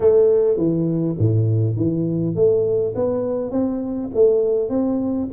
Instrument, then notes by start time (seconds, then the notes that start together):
tuba
0.00 A3
0.57 E3
1.18 A2
1.76 E3
2.35 A3
2.95 B3
3.51 C4
4.14 A3
4.69 C4